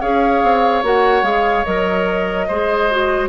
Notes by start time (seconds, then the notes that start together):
0.00 C#4 G#4 C#5 F5
0.43 C4
0.82 A#3 F#4 F#5
1.22 G#3 G#4 F5
1.65 F#3 A#4 D#5
2.47 G#3 G#4 C5
2.91 F#4